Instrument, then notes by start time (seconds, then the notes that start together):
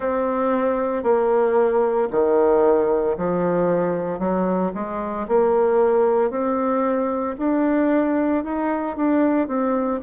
bassoon
0.00 C4
1.03 A#3
2.11 D#3
3.17 F3
4.19 F#3
4.74 G#3
5.28 A#3
6.30 C4
7.38 D4
8.44 D#4
8.96 D4
9.47 C4